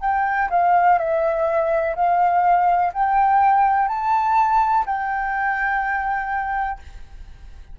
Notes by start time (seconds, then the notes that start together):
0.00 G5
0.50 F5
0.98 E5
1.95 F5
2.93 G5
3.88 A5
4.85 G5